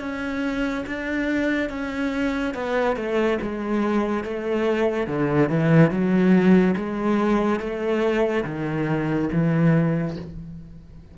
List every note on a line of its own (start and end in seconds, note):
0.00 0.85 C#4
0.86 1.69 D4
1.69 2.54 C#4
2.54 2.96 B3
2.96 3.38 A3
3.42 4.24 G#3
4.24 5.07 A3
5.07 5.49 D3
5.49 5.91 E3
5.91 6.75 F#3
6.76 7.60 G#3
7.60 8.44 A3
8.44 9.29 D#3
9.32 10.17 E3